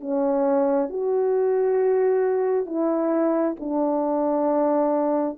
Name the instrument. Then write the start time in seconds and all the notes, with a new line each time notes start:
horn
0.00 C#4
0.89 F#4
2.65 E4
3.59 D4